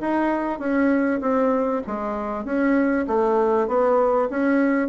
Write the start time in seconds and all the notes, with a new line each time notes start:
0.00 D#4
0.59 C#4
1.20 C4
1.86 G#3
2.44 C#4
3.07 A3
3.67 B3
4.30 C#4